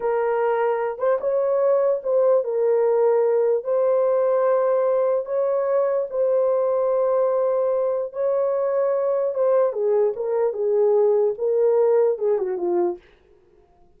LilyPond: \new Staff \with { instrumentName = "horn" } { \time 4/4 \tempo 4 = 148 ais'2~ ais'8 c''8 cis''4~ | cis''4 c''4 ais'2~ | ais'4 c''2.~ | c''4 cis''2 c''4~ |
c''1 | cis''2. c''4 | gis'4 ais'4 gis'2 | ais'2 gis'8 fis'8 f'4 | }